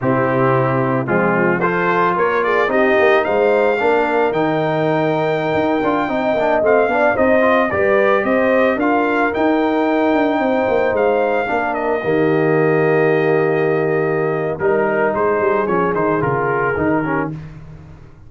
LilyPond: <<
  \new Staff \with { instrumentName = "trumpet" } { \time 4/4 \tempo 4 = 111 g'2 f'4 c''4 | cis''8 d''8 dis''4 f''2 | g''1~ | g''16 f''4 dis''4 d''4 dis''8.~ |
dis''16 f''4 g''2~ g''8.~ | g''16 f''4. dis''2~ dis''16~ | dis''2. ais'4 | c''4 cis''8 c''8 ais'2 | }
  \new Staff \with { instrumentName = "horn" } { \time 4/4 e'2 c'4 a'4 | ais'8 gis'8 g'4 c''4 ais'4~ | ais'2.~ ais'16 dis''8.~ | dis''8. d''8 c''4 b'4 c''8.~ |
c''16 ais'2. c''8.~ | c''4~ c''16 ais'4 g'4.~ g'16~ | g'2. ais'4 | gis'2.~ gis'8 g'8 | }
  \new Staff \with { instrumentName = "trombone" } { \time 4/4 c'2 gis4 f'4~ | f'4 dis'2 d'4 | dis'2~ dis'8. f'8 dis'8 d'16~ | d'16 c'8 d'8 dis'8 f'8 g'4.~ g'16~ |
g'16 f'4 dis'2~ dis'8.~ | dis'4~ dis'16 d'4 ais4.~ ais16~ | ais2. dis'4~ | dis'4 cis'8 dis'8 f'4 dis'8 cis'8 | }
  \new Staff \with { instrumentName = "tuba" } { \time 4/4 c2 f2 | ais4 c'8 ais8 gis4 ais4 | dis2~ dis16 dis'8 d'8 c'8 ais16~ | ais16 a8 b8 c'4 g4 c'8.~ |
c'16 d'4 dis'4. d'8 c'8 ais16~ | ais16 gis4 ais4 dis4.~ dis16~ | dis2. g4 | gis8 g8 f8 dis8 cis4 dis4 | }
>>